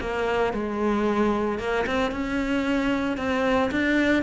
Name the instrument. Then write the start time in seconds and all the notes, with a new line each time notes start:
cello
0.00 A#3
0.53 G#3
1.58 A#3
1.86 C4
2.11 C#4
3.17 C4
3.71 D4